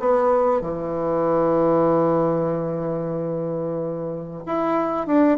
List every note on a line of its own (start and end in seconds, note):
0.00 0.61 B3
0.61 4.44 E3
4.46 5.07 E4
5.07 5.38 D4